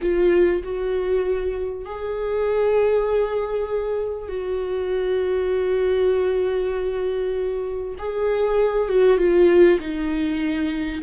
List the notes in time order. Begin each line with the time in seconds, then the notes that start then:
0.01 F4
0.63 F#4
1.85 G#4
4.28 F#4
7.98 G#4
8.88 F#4
9.17 F4
9.79 D#4